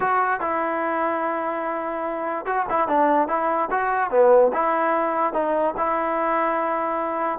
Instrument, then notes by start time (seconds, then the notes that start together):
trombone
0.00 F#4
0.40 E4
2.45 F#4
2.69 E4
2.87 D4
3.28 E4
3.70 F#4
4.10 B3
4.53 E4
5.33 D#4
5.77 E4